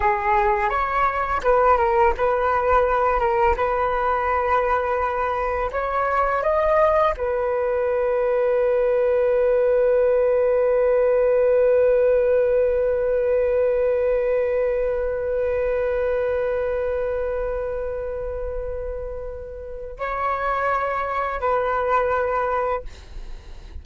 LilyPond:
\new Staff \with { instrumentName = "flute" } { \time 4/4 \tempo 4 = 84 gis'4 cis''4 b'8 ais'8 b'4~ | b'8 ais'8 b'2. | cis''4 dis''4 b'2~ | b'1~ |
b'1~ | b'1~ | b'1 | cis''2 b'2 | }